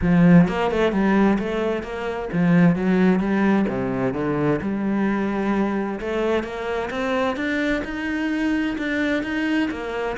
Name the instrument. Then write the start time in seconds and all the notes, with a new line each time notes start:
cello
0.01 F3
0.48 A#3
0.71 A3
0.91 G3
1.38 A3
1.82 A#3
2.32 F3
2.75 F#3
3.19 G3
3.68 C3
4.13 D3
4.61 G3
6.00 A3
6.43 A#3
6.90 C4
7.36 D4
7.84 D#4
8.78 D4
9.23 D#4
9.70 A#3